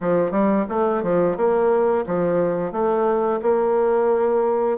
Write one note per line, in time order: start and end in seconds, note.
0.00 0.31 F3
0.31 0.65 G3
0.68 1.02 A3
1.02 1.36 F3
1.36 2.05 A#3
2.06 2.71 F3
2.71 3.40 A3
3.42 4.78 A#3